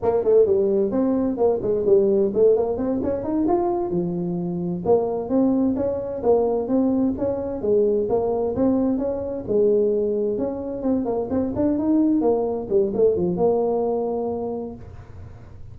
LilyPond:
\new Staff \with { instrumentName = "tuba" } { \time 4/4 \tempo 4 = 130 ais8 a8 g4 c'4 ais8 gis8 | g4 a8 ais8 c'8 cis'8 dis'8 f'8~ | f'8 f2 ais4 c'8~ | c'8 cis'4 ais4 c'4 cis'8~ |
cis'8 gis4 ais4 c'4 cis'8~ | cis'8 gis2 cis'4 c'8 | ais8 c'8 d'8 dis'4 ais4 g8 | a8 f8 ais2. | }